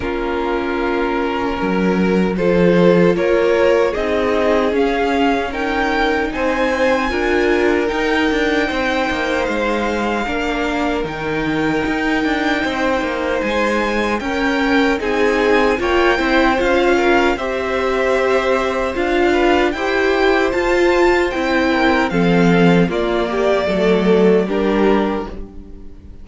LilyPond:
<<
  \new Staff \with { instrumentName = "violin" } { \time 4/4 \tempo 4 = 76 ais'2. c''4 | cis''4 dis''4 f''4 g''4 | gis''2 g''2 | f''2 g''2~ |
g''4 gis''4 g''4 gis''4 | g''4 f''4 e''2 | f''4 g''4 a''4 g''4 | f''4 d''2 ais'4 | }
  \new Staff \with { instrumentName = "violin" } { \time 4/4 f'2 ais'4 a'4 | ais'4 gis'2 ais'4 | c''4 ais'2 c''4~ | c''4 ais'2. |
c''2 ais'4 gis'4 | cis''8 c''4 ais'8 c''2~ | c''8 b'8 c''2~ c''8 ais'8 | a'4 f'8 g'8 a'4 g'4 | }
  \new Staff \with { instrumentName = "viola" } { \time 4/4 cis'2. f'4~ | f'4 dis'4 cis'4 dis'4~ | dis'4 f'4 dis'2~ | dis'4 d'4 dis'2~ |
dis'2 cis'4 dis'4 | f'8 e'8 f'4 g'2 | f'4 g'4 f'4 e'4 | c'4 ais4 a4 d'4 | }
  \new Staff \with { instrumentName = "cello" } { \time 4/4 ais2 fis4 f4 | ais4 c'4 cis'2 | c'4 d'4 dis'8 d'8 c'8 ais8 | gis4 ais4 dis4 dis'8 d'8 |
c'8 ais8 gis4 cis'4 c'4 | ais8 c'8 cis'4 c'2 | d'4 e'4 f'4 c'4 | f4 ais4 fis4 g4 | }
>>